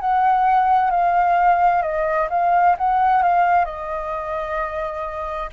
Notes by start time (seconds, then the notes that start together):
0.00 F#5
0.91 F5
1.82 D#5
2.30 F5
2.78 F#5
3.23 F5
3.65 D#5